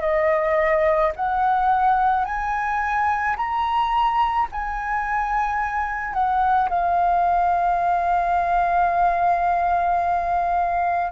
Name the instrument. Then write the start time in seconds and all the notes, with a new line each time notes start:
flute
0.00 D#5
1.15 F#5
2.25 G#5
3.36 A#5
4.52 G#5
6.13 F#5
6.69 F5